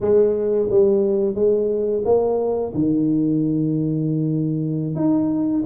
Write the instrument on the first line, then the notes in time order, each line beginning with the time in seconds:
tuba
0.01 G#3
0.70 G3
1.34 G#3
2.05 A#3
2.74 D#3
4.95 D#4